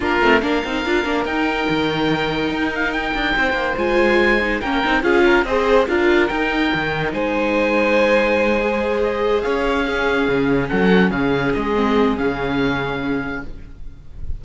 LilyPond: <<
  \new Staff \with { instrumentName = "oboe" } { \time 4/4 \tempo 4 = 143 ais'4 f''2 g''4~ | g''2~ g''8 f''8 g''4~ | g''4 gis''2 g''4 | f''4 dis''4 f''4 g''4~ |
g''4 gis''2.~ | gis''4. dis''4 f''4.~ | f''4. fis''4 f''4 dis''8~ | dis''4 f''2. | }
  \new Staff \with { instrumentName = "violin" } { \time 4/4 f'4 ais'2.~ | ais'1 | c''2. ais'4 | gis'8 ais'8 c''4 ais'2~ |
ais'4 c''2.~ | c''2~ c''8 cis''4 gis'8~ | gis'4. a'4 gis'4.~ | gis'1 | }
  \new Staff \with { instrumentName = "viola" } { \time 4/4 d'8 c'8 d'8 dis'8 f'8 d'8 dis'4~ | dis'1~ | dis'4 f'4. dis'8 cis'8 dis'8 | f'4 gis'4 f'4 dis'4~ |
dis'1~ | dis'8 gis'2. cis'8~ | cis'1 | c'4 cis'2. | }
  \new Staff \with { instrumentName = "cello" } { \time 4/4 ais8 a8 ais8 c'8 d'8 ais8 dis'4 | dis2 dis'4. d'8 | c'8 ais8 gis2 ais8 c'8 | cis'4 c'4 d'4 dis'4 |
dis4 gis2.~ | gis2~ gis8 cis'4.~ | cis'8 cis4 fis4 cis4 gis8~ | gis4 cis2. | }
>>